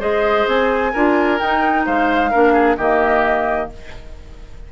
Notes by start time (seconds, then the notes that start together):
0.00 G#3 G#4 C5 D#5
0.47 C4 G#5
0.93 D4 F4 A#4
1.39 D#4 G5
1.86 G#3 C5 F5
2.31 A#3 D4 A#4
2.53 G#4
2.77 D#3 A#3 G4 D#5